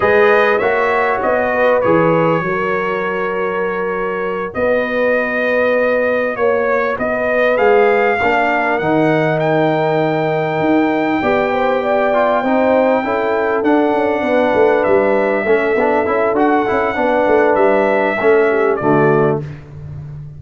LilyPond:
<<
  \new Staff \with { instrumentName = "trumpet" } { \time 4/4 \tempo 4 = 99 dis''4 e''4 dis''4 cis''4~ | cis''2.~ cis''8 dis''8~ | dis''2~ dis''8 cis''4 dis''8~ | dis''8 f''2 fis''4 g''8~ |
g''1~ | g''2~ g''8 fis''4.~ | fis''8 e''2~ e''8 fis''4~ | fis''4 e''2 d''4 | }
  \new Staff \with { instrumentName = "horn" } { \time 4/4 b'4 cis''4. b'4. | ais'2.~ ais'8 b'8~ | b'2~ b'8 cis''4 b'8~ | b'4. ais'2~ ais'8~ |
ais'2~ ais'8 d''8 c''8 d''8~ | d''8 c''4 a'2 b'8~ | b'4. a'2~ a'8 | b'2 a'8 g'8 fis'4 | }
  \new Staff \with { instrumentName = "trombone" } { \time 4/4 gis'4 fis'2 gis'4 | fis'1~ | fis'1~ | fis'8 gis'4 d'4 dis'4.~ |
dis'2~ dis'8 g'4. | f'8 dis'4 e'4 d'4.~ | d'4. cis'8 d'8 e'8 fis'8 e'8 | d'2 cis'4 a4 | }
  \new Staff \with { instrumentName = "tuba" } { \time 4/4 gis4 ais4 b4 e4 | fis2.~ fis8 b8~ | b2~ b8 ais4 b8~ | b8 gis4 ais4 dis4.~ |
dis4. dis'4 b4.~ | b8 c'4 cis'4 d'8 cis'8 b8 | a8 g4 a8 b8 cis'8 d'8 cis'8 | b8 a8 g4 a4 d4 | }
>>